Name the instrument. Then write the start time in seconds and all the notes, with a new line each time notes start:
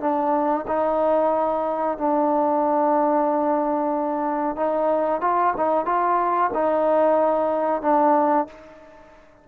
trombone
0.00 D4
0.67 D#4
1.98 D4
4.56 D#4
5.21 F4
5.56 D#4
5.85 F4
6.54 D#4
7.82 D4